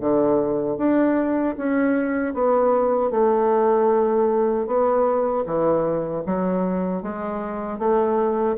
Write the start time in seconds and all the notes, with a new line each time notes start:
0.00 D3
0.77 D4
1.57 C#4
2.34 B3
3.11 A3
4.66 B3
5.46 E3
6.26 F#3
7.02 G#3
7.79 A3